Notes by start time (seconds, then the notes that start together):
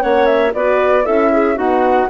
0.00 A#3 C#4 C#5 F#5
0.26 E5
0.54 B3 F#4 B4 D5
1.05 C#4 E4 A4 E5
1.32 G#4
1.56 B3 D#4 F#4 F#5